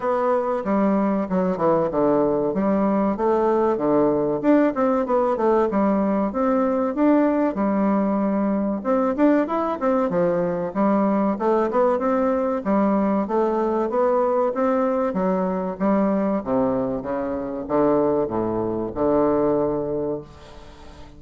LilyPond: \new Staff \with { instrumentName = "bassoon" } { \time 4/4 \tempo 4 = 95 b4 g4 fis8 e8 d4 | g4 a4 d4 d'8 c'8 | b8 a8 g4 c'4 d'4 | g2 c'8 d'8 e'8 c'8 |
f4 g4 a8 b8 c'4 | g4 a4 b4 c'4 | fis4 g4 c4 cis4 | d4 a,4 d2 | }